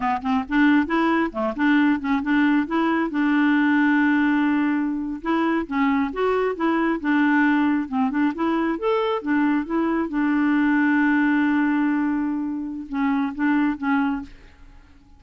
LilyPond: \new Staff \with { instrumentName = "clarinet" } { \time 4/4 \tempo 4 = 135 b8 c'8 d'4 e'4 a8 d'8~ | d'8 cis'8 d'4 e'4 d'4~ | d'2.~ d'8. e'16~ | e'8. cis'4 fis'4 e'4 d'16~ |
d'4.~ d'16 c'8 d'8 e'4 a'16~ | a'8. d'4 e'4 d'4~ d'16~ | d'1~ | d'4 cis'4 d'4 cis'4 | }